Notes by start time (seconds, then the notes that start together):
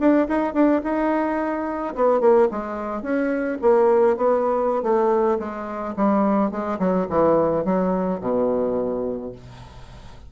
0.00 D4
0.28 D#4
0.54 D4
0.84 D#4
1.95 B3
2.20 A#3
2.51 G#3
3.03 C#4
3.62 A#3
4.17 B3
4.83 A3
5.39 G#3
5.96 G3
6.51 G#3
6.79 F#3
7.10 E3
7.65 F#3
8.21 B2